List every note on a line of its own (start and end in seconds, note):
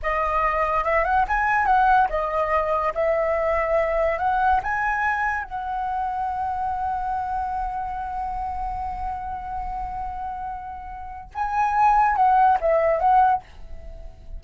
0.02 0.84 D#5
0.84 1.04 E5
1.04 1.25 F#5
1.28 1.66 G#5
1.66 2.08 F#5
2.09 2.93 D#5
2.94 4.18 E5
4.18 4.60 F#5
4.63 5.43 G#5
5.43 11.31 F#5
11.34 12.16 G#5
12.16 12.58 F#5
12.60 12.99 E5
12.99 13.41 F#5